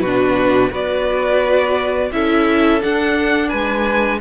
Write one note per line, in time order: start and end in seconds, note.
0.00 0.70 B2
0.00 0.71 D4
0.00 0.69 F#4
0.00 0.70 B4
0.69 2.11 B3
0.69 2.10 F#4
0.69 2.09 B4
0.69 2.12 D5
2.12 2.81 C#4
2.12 2.80 E4
2.12 3.48 A4
2.12 2.82 E5
2.80 4.20 D4
2.80 3.52 D4
2.80 3.49 F#5
3.48 4.20 G#3
3.48 4.18 B4
3.48 4.18 G#5